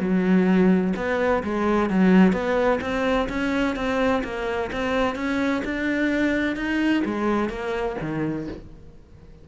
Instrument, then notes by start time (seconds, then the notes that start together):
cello
0.00 F#3
0.97 B3
1.44 G#3
1.90 F#3
2.33 B3
2.81 C4
3.29 C#4
3.76 C4
4.24 A#3
4.72 C4
5.16 C#4
5.65 D4
6.56 D#4
7.05 G#3
7.50 A#3
8.01 D#3